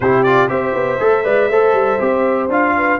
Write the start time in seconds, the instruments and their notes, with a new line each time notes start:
0.00 tuba C3, trombone E4, horn G4, trumpet C5
0.23 trombone F4, trumpet D5
0.48 tuba C4, trombone G4, horn C5, trumpet E5
0.73 tuba B3
0.99 tuba A3, trombone A4
1.24 tuba G#3, trombone B4, horn D5
1.49 tuba A3, trombone A4, horn C5
1.72 tuba G3
1.99 tuba C4, trombone G4
2.48 tuba D4, trombone F4, trumpet F5
2.76 horn B4